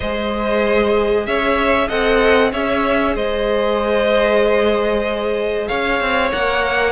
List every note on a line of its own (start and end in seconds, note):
0.00 1.27 G#3
0.00 1.88 G#4
0.00 1.26 C5
0.00 1.26 D#5
1.26 1.90 C#4
1.26 1.87 C#5
1.26 1.89 E5
1.87 2.52 C4
1.87 2.51 A4
1.87 2.51 D#5
1.87 2.52 F#5
2.52 3.16 C#4
2.52 6.31 G#4
2.52 3.15 C#5
2.52 3.16 E5
3.15 5.68 G#3
3.15 5.68 C5
3.15 5.67 D#5
5.67 6.00 C#4
5.67 6.91 C#5
5.67 6.30 F5
6.00 6.32 C4
6.31 6.91 A#3
6.31 6.91 A#4
6.31 6.91 F#5